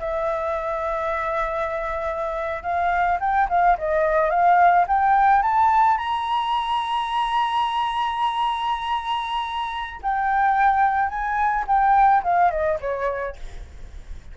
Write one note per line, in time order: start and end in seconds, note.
0.00 2.63 E5
2.63 3.19 F5
3.20 3.48 G5
3.50 3.78 F5
3.78 4.30 D#5
4.30 4.86 F5
4.88 5.43 G5
5.43 5.98 A5
5.98 10.01 A#5
10.03 11.09 G5
11.09 11.65 G#5
11.68 12.23 G5
12.24 12.51 F5
12.51 12.79 D#5
12.81 13.37 C#5